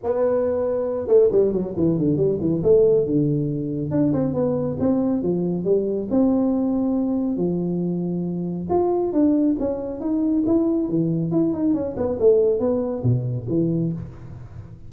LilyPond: \new Staff \with { instrumentName = "tuba" } { \time 4/4 \tempo 4 = 138 b2~ b8 a8 g8 fis8 | e8 d8 g8 e8 a4 d4~ | d4 d'8 c'8 b4 c'4 | f4 g4 c'2~ |
c'4 f2. | f'4 d'4 cis'4 dis'4 | e'4 e4 e'8 dis'8 cis'8 b8 | a4 b4 b,4 e4 | }